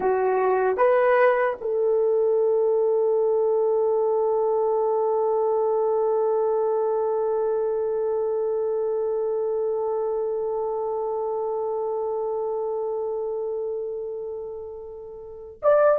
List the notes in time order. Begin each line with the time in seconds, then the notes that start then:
0.00 F#4
0.77 B4
1.60 A4
15.62 D5